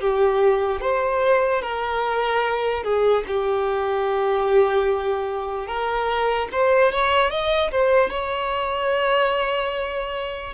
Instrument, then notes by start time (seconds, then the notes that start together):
violin
0.00 G4
0.80 C5
1.62 A#4
2.83 G#4
3.27 G4
5.67 A#4
6.52 C5
6.92 C#5
7.30 D#5
7.71 C5
8.10 C#5